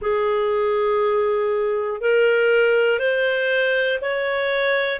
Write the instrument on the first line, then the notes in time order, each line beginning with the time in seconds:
clarinet
0.01 G#4
2.00 A#4
2.99 C5
4.00 C#5